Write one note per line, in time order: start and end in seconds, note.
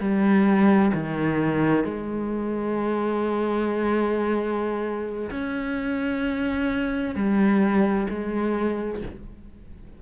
0.00 0.92 G3
0.94 1.85 D#3
1.85 5.31 G#3
5.31 7.15 C#4
7.15 8.08 G3
8.10 9.02 G#3